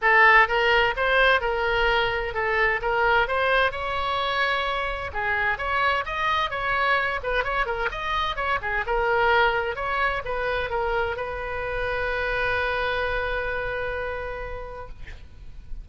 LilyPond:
\new Staff \with { instrumentName = "oboe" } { \time 4/4 \tempo 4 = 129 a'4 ais'4 c''4 ais'4~ | ais'4 a'4 ais'4 c''4 | cis''2. gis'4 | cis''4 dis''4 cis''4. b'8 |
cis''8 ais'8 dis''4 cis''8 gis'8 ais'4~ | ais'4 cis''4 b'4 ais'4 | b'1~ | b'1 | }